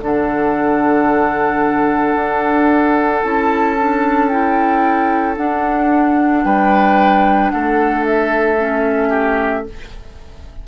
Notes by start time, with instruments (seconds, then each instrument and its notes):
0.00 bassoon D3, clarinet D4, oboe A4, flute F#5
2.15 bassoon D4
3.22 bassoon C#4, clarinet E4, flute A5
3.79 clarinet D4
4.28 clarinet E4, flute G5
5.35 clarinet D4, bassoon D4, flute F#5
6.43 bassoon G3, oboe B4, flute G5
7.50 bassoon A3, oboe A4, flute F#5
8.05 flute E5
8.58 clarinet C#4
9.09 oboe G4